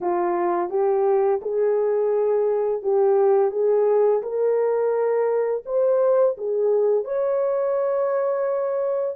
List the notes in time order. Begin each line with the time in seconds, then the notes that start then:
0.01 F4
0.69 G4
1.41 G#4
2.82 G4
3.51 G#4
4.22 A#4
5.65 C5
6.37 G#4
7.04 C#5